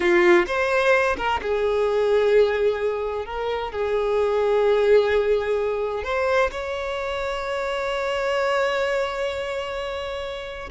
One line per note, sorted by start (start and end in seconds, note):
0.00 0.45 F4
0.46 1.16 C5
1.17 1.40 A#4
1.41 3.25 G#4
3.25 3.71 A#4
3.71 6.03 G#4
6.03 6.50 C5
6.51 10.69 C#5